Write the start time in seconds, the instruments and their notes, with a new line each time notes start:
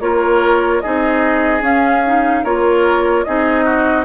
0.00 bassoon A#3, clarinet F4, oboe A#4, flute C#5
0.81 bassoon C4, clarinet D#4, oboe G#4, flute D#5
1.61 bassoon C#4, clarinet C#4, flute F5
2.06 clarinet D#4
2.43 bassoon A#3, clarinet F4, oboe A#4, flute C#5
3.23 bassoon C4, clarinet D#4, oboe G#4, flute D#5
3.64 oboe F#4